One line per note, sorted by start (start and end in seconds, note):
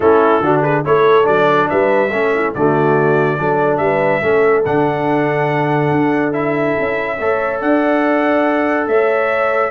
0.00 0.40 A3
0.00 0.42 C#4
0.00 0.42 E4
0.00 0.61 A4
0.40 0.83 D3
0.40 0.84 D4
0.40 0.62 F#4
0.62 0.83 G#4
0.62 0.83 B4
0.84 1.27 A3
0.84 1.23 E4
0.84 1.69 A4
0.84 1.26 C#5
1.23 1.69 F#3
1.23 2.08 D4
1.23 1.68 D5
1.69 2.12 G3
1.69 2.10 B4
1.69 2.53 E5
2.10 2.55 A3
2.10 2.55 C#4
2.10 2.31 A4
2.34 2.55 E4
2.54 3.39 D3
2.54 3.38 A3
2.54 3.39 F#4
2.54 3.77 D5
3.38 3.78 F#3
3.38 4.22 D4
3.38 3.81 A4
3.77 4.21 G3
3.77 4.22 B4
3.77 4.61 E5
4.22 4.64 A3
4.22 4.64 C#4
4.22 7.17 A4
4.65 5.91 D3
4.65 6.32 D4
4.65 6.32 F#5
5.91 6.75 D4
6.32 7.17 E4
6.32 7.59 E5
6.79 7.19 C#4
7.19 7.61 A3
7.19 9.71 A4
7.19 7.60 C#5
7.60 8.87 D4
7.60 8.87 D5
7.60 8.87 F#5
8.87 9.71 A3
8.87 9.71 C#5
8.87 9.71 E5